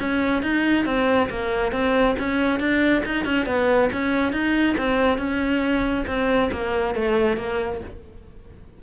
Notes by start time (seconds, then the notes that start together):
0.00 C#4
0.43 D#4
0.86 C4
1.30 A#3
1.73 C4
2.19 C#4
2.60 D4
3.06 D#4
3.25 C#4
3.46 B3
3.93 C#4
4.33 D#4
4.78 C4
5.18 C#4
6.07 C4
6.52 A#3
6.95 A3
7.37 A#3